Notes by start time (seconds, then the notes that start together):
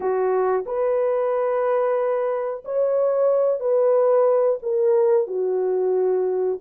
0.00 F#4
0.66 B4
2.64 C#5
3.60 B4
4.62 A#4
5.27 F#4